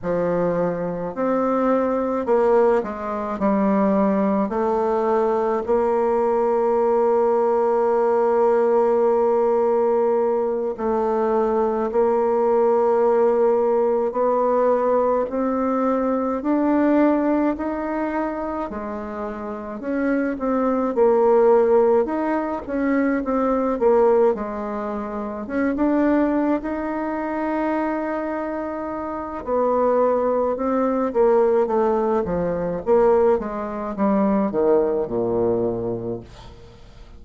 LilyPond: \new Staff \with { instrumentName = "bassoon" } { \time 4/4 \tempo 4 = 53 f4 c'4 ais8 gis8 g4 | a4 ais2.~ | ais4. a4 ais4.~ | ais8 b4 c'4 d'4 dis'8~ |
dis'8 gis4 cis'8 c'8 ais4 dis'8 | cis'8 c'8 ais8 gis4 cis'16 d'8. dis'8~ | dis'2 b4 c'8 ais8 | a8 f8 ais8 gis8 g8 dis8 ais,4 | }